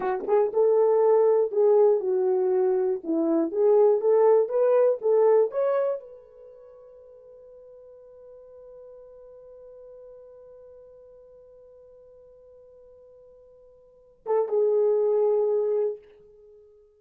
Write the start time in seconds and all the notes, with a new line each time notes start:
0.00 F#4
0.27 G#4
0.53 A4
1.51 G#4
2.00 F#4
3.03 E4
3.51 G#4
4.00 A4
4.48 B4
5.01 A4
5.51 C#5
6.00 B4
14.26 A4
14.48 G#4